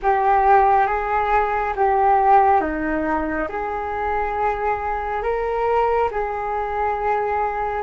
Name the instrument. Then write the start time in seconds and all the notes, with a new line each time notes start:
flute
0.02 G4
0.86 G#4
1.75 G4
2.60 D#4
3.48 G#4
5.22 A#4
6.11 G#4